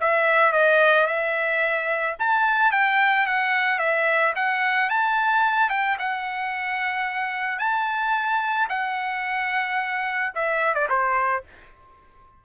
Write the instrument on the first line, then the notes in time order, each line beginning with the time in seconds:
trumpet
0.00 E5
0.52 D#5
1.07 E5
2.19 A5
2.71 G5
3.26 F#5
3.78 E5
4.35 F#5
4.89 A5
5.70 G5
5.99 F#5
7.59 A5
8.69 F#5
10.34 E5
10.74 D5
10.89 C5